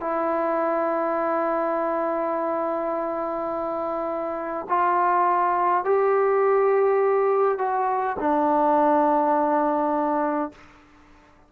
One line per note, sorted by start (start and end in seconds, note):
0.00 4.66 E4
4.69 5.84 F4
5.84 7.58 G4
7.58 8.16 F#4
8.19 10.52 D4